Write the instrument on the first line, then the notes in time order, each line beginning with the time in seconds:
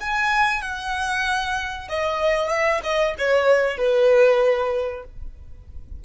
violin
0.00 G#5
0.62 F#5
1.89 D#5
2.49 E5
2.83 D#5
3.18 C#5
3.77 B4